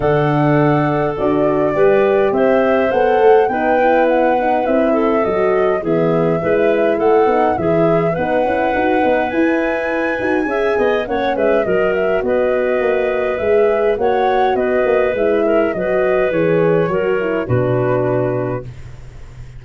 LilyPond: <<
  \new Staff \with { instrumentName = "flute" } { \time 4/4 \tempo 4 = 103 fis''2 d''2 | e''4 fis''4 g''4 fis''4 | e''4 dis''4 e''2 | fis''4 e''4 fis''2 |
gis''2. fis''8 e''8 | dis''8 e''8 dis''2 e''4 | fis''4 dis''4 e''4 dis''4 | cis''2 b'2 | }
  \new Staff \with { instrumentName = "clarinet" } { \time 4/4 a'2. b'4 | c''2 b'2~ | b'8 a'4. gis'4 b'4 | a'4 gis'4 b'2~ |
b'2 e''8 dis''8 cis''8 b'8 | ais'4 b'2. | cis''4 b'4. ais'8 b'4~ | b'4 ais'4 fis'2 | }
  \new Staff \with { instrumentName = "horn" } { \time 4/4 d'2 fis'4 g'4~ | g'4 a'4 dis'8 e'4 dis'8 | e'4 fis'4 b4 e'4~ | e'8 dis'8 e'4 dis'8 e'8 fis'8 dis'8 |
e'4. fis'8 gis'4 cis'4 | fis'2. gis'4 | fis'2 e'4 fis'4 | gis'4 fis'8 e'8 d'2 | }
  \new Staff \with { instrumentName = "tuba" } { \time 4/4 d2 d'4 g4 | c'4 b8 a8 b2 | c'4 fis4 e4 gis4 | a8 b8 e4 b8 cis'8 dis'8 b8 |
e'4. dis'8 cis'8 b8 ais8 gis8 | fis4 b4 ais4 gis4 | ais4 b8 ais8 gis4 fis4 | e4 fis4 b,2 | }
>>